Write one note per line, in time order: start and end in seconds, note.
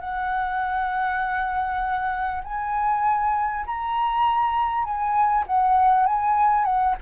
0.00 2.42 F#5
2.44 3.65 G#5
3.66 4.84 A#5
4.84 5.44 G#5
5.47 6.06 F#5
6.06 6.65 G#5
6.65 6.95 F#5